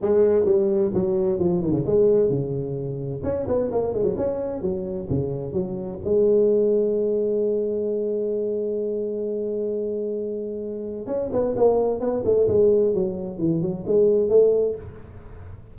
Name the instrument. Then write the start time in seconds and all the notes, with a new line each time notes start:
tuba
0.01 G#3
0.45 G3
0.94 F#3
1.39 F3
1.61 D#3
1.71 C#3
1.86 G#3
2.29 C#3
3.23 C#4
3.47 B3
3.71 A#3
3.93 G#3
4.03 F#3
4.17 C#4
4.61 F#3
5.09 C#3
5.52 F#3
6.04 G#3
11.06 C#4
11.32 B3
11.56 A#3
12.00 B3
12.24 A3
12.48 G#3
12.94 F#3
13.38 E3
13.61 F#3
13.86 G#3
14.29 A3